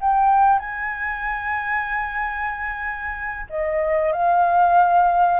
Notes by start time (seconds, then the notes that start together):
0.00 G5
0.59 G#5
3.49 D#5
4.12 F5